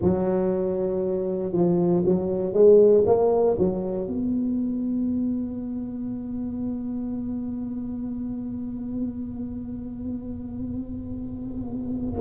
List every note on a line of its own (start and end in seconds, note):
0.01 1.52 F#3
1.52 2.03 F3
2.05 2.53 F#3
2.53 3.04 G#3
3.06 3.56 A#3
3.58 4.07 F#3
4.07 12.20 B3